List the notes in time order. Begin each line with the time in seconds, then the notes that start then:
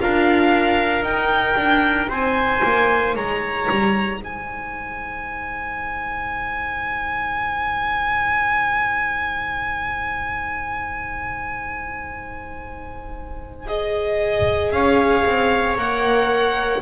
0.00 D4 F4 A#4 F5
1.02 D#4 G5
1.56 D4
2.09 C4 C5 G#5
2.63 A#3
3.15 G#3 C#5 A#5
3.70 G3
4.18 G#3 C5 G#5
13.66 G#4 D#5
14.71 C#4 C#5 F5
15.25 C4
15.76 A#3 A#4 F#5